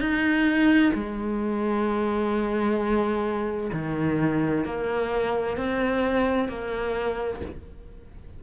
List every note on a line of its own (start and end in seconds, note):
0.00 0.92 D#4
0.94 3.71 G#3
3.73 4.65 D#3
4.65 5.57 A#3
5.57 6.49 C4
6.49 7.41 A#3